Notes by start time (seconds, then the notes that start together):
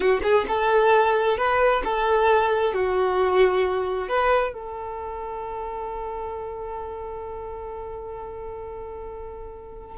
0.00 F#4
0.22 G#4
0.48 A4
1.37 B4
1.84 A4
2.73 F#4
4.08 B4
4.53 A4